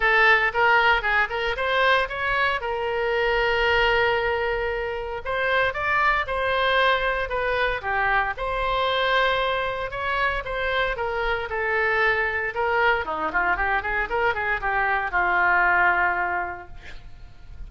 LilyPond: \new Staff \with { instrumentName = "oboe" } { \time 4/4 \tempo 4 = 115 a'4 ais'4 gis'8 ais'8 c''4 | cis''4 ais'2.~ | ais'2 c''4 d''4 | c''2 b'4 g'4 |
c''2. cis''4 | c''4 ais'4 a'2 | ais'4 dis'8 f'8 g'8 gis'8 ais'8 gis'8 | g'4 f'2. | }